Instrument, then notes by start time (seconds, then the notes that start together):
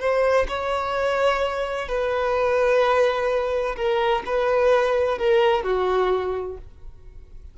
violin
0.00 C5
0.48 C#5
1.88 B4
3.76 A#4
4.26 B4
5.18 A#4
5.64 F#4